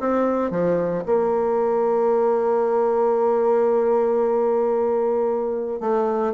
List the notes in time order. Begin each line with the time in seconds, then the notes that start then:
0.00 C4
0.51 F3
1.06 A#3
5.80 A3